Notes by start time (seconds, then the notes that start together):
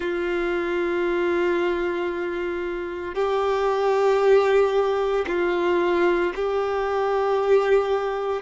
0.00 F4
3.14 G4
5.27 F4
6.35 G4